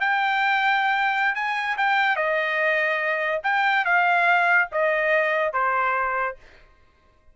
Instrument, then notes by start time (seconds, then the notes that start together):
trumpet
0.00 G5
1.35 G#5
1.77 G5
2.16 D#5
3.43 G5
3.85 F5
4.71 D#5
5.53 C5